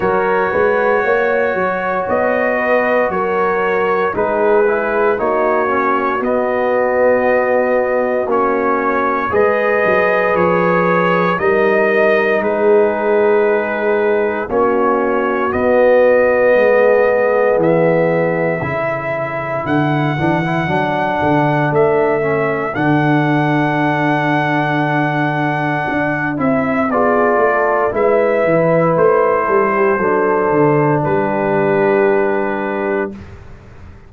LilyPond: <<
  \new Staff \with { instrumentName = "trumpet" } { \time 4/4 \tempo 4 = 58 cis''2 dis''4 cis''4 | b'4 cis''4 dis''2 | cis''4 dis''4 cis''4 dis''4 | b'2 cis''4 dis''4~ |
dis''4 e''2 fis''4~ | fis''4 e''4 fis''2~ | fis''4. e''8 d''4 e''4 | c''2 b'2 | }
  \new Staff \with { instrumentName = "horn" } { \time 4/4 ais'8 b'8 cis''4. b'8 ais'4 | gis'4 fis'2.~ | fis'4 b'2 ais'4 | gis'2 fis'2 |
gis'2 a'2~ | a'1~ | a'2 gis'8 a'8 b'4~ | b'8 a'16 g'16 a'4 g'2 | }
  \new Staff \with { instrumentName = "trombone" } { \time 4/4 fis'1 | dis'8 e'8 dis'8 cis'8 b2 | cis'4 gis'2 dis'4~ | dis'2 cis'4 b4~ |
b2 e'4. d'16 e'16 | d'4. cis'8 d'2~ | d'4. e'8 f'4 e'4~ | e'4 d'2. | }
  \new Staff \with { instrumentName = "tuba" } { \time 4/4 fis8 gis8 ais8 fis8 b4 fis4 | gis4 ais4 b2 | ais4 gis8 fis8 f4 g4 | gis2 ais4 b4 |
gis4 e4 cis4 d8 e8 | fis8 d8 a4 d2~ | d4 d'8 c'8 b8 a8 gis8 e8 | a8 g8 fis8 d8 g2 | }
>>